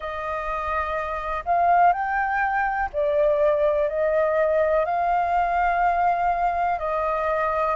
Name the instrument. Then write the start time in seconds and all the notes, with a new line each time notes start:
flute
0.00 D#5
1.45 F5
1.92 G5
2.93 D5
3.88 D#5
4.85 F5
6.78 D#5